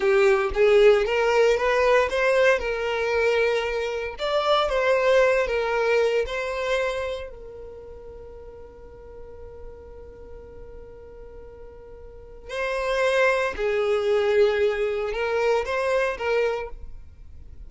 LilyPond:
\new Staff \with { instrumentName = "violin" } { \time 4/4 \tempo 4 = 115 g'4 gis'4 ais'4 b'4 | c''4 ais'2. | d''4 c''4. ais'4. | c''2 ais'2~ |
ais'1~ | ais'1 | c''2 gis'2~ | gis'4 ais'4 c''4 ais'4 | }